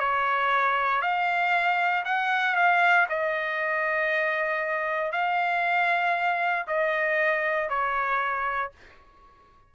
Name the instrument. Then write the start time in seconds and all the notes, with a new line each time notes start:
trumpet
0.00 C#5
1.02 F5
2.05 F#5
2.56 F5
3.10 D#5
5.12 F5
6.68 D#5
7.69 C#5